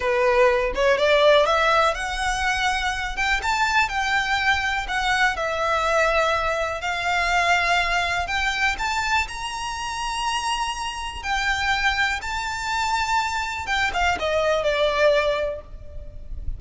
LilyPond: \new Staff \with { instrumentName = "violin" } { \time 4/4 \tempo 4 = 123 b'4. cis''8 d''4 e''4 | fis''2~ fis''8 g''8 a''4 | g''2 fis''4 e''4~ | e''2 f''2~ |
f''4 g''4 a''4 ais''4~ | ais''2. g''4~ | g''4 a''2. | g''8 f''8 dis''4 d''2 | }